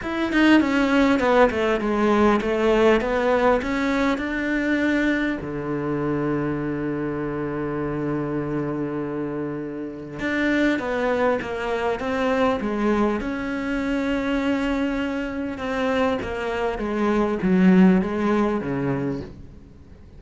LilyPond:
\new Staff \with { instrumentName = "cello" } { \time 4/4 \tempo 4 = 100 e'8 dis'8 cis'4 b8 a8 gis4 | a4 b4 cis'4 d'4~ | d'4 d2.~ | d1~ |
d4 d'4 b4 ais4 | c'4 gis4 cis'2~ | cis'2 c'4 ais4 | gis4 fis4 gis4 cis4 | }